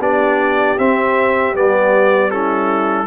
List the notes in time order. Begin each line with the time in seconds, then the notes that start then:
0.00 B3 D4 G4 D5
0.78 C4 E5
1.55 G3 B3 D5
2.31 C#4 E4 A4